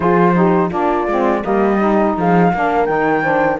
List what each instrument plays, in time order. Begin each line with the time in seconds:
0.00 cello F3, saxophone F4, horn G#4, flute C5
0.34 saxophone D#4, horn G4
0.69 cello A#3, saxophone D4, horn F4, flute D5
1.07 cello G#3, saxophone C4
1.43 cello G3, saxophone A#3, horn G4, flute D#5
1.79 saxophone D#4
2.16 cello F3, horn G#4, flute F5
2.53 cello A#3, saxophone D4, horn A#4
2.85 cello D#3, saxophone D#4, flute G5
3.22 saxophone D4, horn C5